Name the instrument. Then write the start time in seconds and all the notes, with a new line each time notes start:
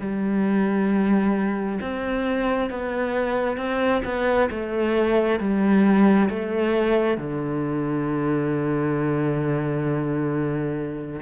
cello
0.00 G3
1.80 C4
2.70 B3
3.57 C4
4.04 B3
4.50 A3
5.39 G3
6.29 A3
7.17 D3